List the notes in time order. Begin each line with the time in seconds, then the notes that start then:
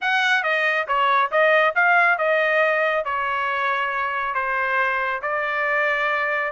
0.01 F#5
0.43 D#5
0.87 C#5
1.31 D#5
1.75 F5
2.18 D#5
3.05 C#5
4.34 C5
5.22 D5